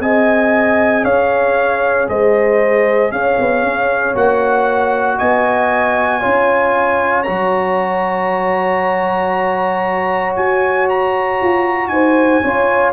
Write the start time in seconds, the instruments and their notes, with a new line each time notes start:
0.00 tuba C4, trombone G#4, horn D#5, trumpet G#5
1.04 tuba C#4, horn C#5, trumpet F5
2.09 tuba G#3, horn C5, trumpet D#5
3.12 tuba C#4, horn C#5, trumpet F5
3.39 tuba B3
3.63 tuba C#4
4.15 tuba A#3, trombone F#4, trumpet F#5
5.18 tuba B3, horn D#5, trumpet G#5
6.20 tuba C#4, trombone F4, horn C#5
7.23 tuba F#3, trombone F#4, trumpet A#5
10.36 tuba F#4, trumpet G#5
10.89 trumpet A#5
11.42 tuba F4
11.88 tuba D#4, horn C5, trumpet G#5
12.43 tuba C#4, trombone F4, horn C#5